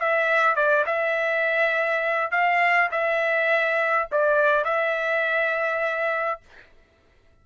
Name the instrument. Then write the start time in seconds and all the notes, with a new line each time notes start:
trumpet
0.00 E5
0.56 D5
0.87 E5
2.32 F5
2.92 E5
4.12 D5
4.65 E5